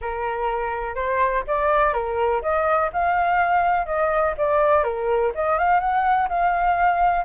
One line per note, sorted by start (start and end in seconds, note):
0.01 0.95 A#4
0.95 1.43 C5
1.47 1.93 D5
1.93 2.41 A#4
2.41 2.90 D#5
2.92 3.86 F5
3.86 4.34 D#5
4.37 4.83 D5
4.83 5.31 A#4
5.34 5.58 D#5
5.58 5.80 F5
5.80 6.28 F#5
6.28 7.24 F5